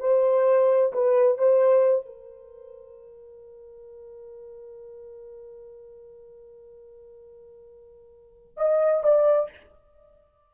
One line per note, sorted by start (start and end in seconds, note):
0.00 0.93 C5
0.93 1.39 B4
1.39 2.06 C5
2.06 8.57 A#4
8.58 9.04 D#5
9.04 9.51 D5